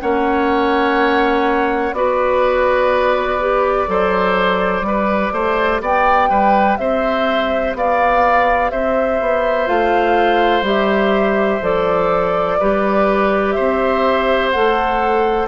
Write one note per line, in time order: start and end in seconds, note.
0.00 1.93 A#3
0.00 1.94 C#4
0.00 1.95 C#5
0.00 1.94 F#5
1.93 3.86 B3
1.93 3.40 F#4
1.93 3.89 B4
1.93 5.81 D5
3.40 3.87 G4
3.87 4.81 F#3
3.87 4.82 A4
3.87 4.86 C5
4.81 5.30 G3
4.81 9.66 G4
4.81 5.33 B4
5.32 5.81 A3
5.32 5.81 C5
5.81 6.29 B3
5.81 6.29 D5
5.81 6.77 G5
6.29 6.78 G3
6.29 6.78 B4
6.77 7.74 C4
6.77 7.77 C5
6.77 7.74 E5
7.74 8.71 B3
7.74 8.71 D5
7.74 8.70 F5
8.70 9.20 C4
8.70 12.58 C5
8.70 9.67 E5
9.20 9.68 B3
9.66 10.61 A3
9.66 10.62 F4
9.66 10.64 F5
10.61 11.58 G3
10.61 11.61 G4
10.61 11.64 E5
11.62 12.58 F3
11.62 12.59 A4
11.62 13.52 D5
12.59 13.57 G3
12.59 14.54 G4
12.59 13.55 B4
13.52 15.48 C5
13.52 14.49 E5
13.58 14.55 C4
14.51 15.48 A3
14.51 15.48 A4
14.51 15.47 F#5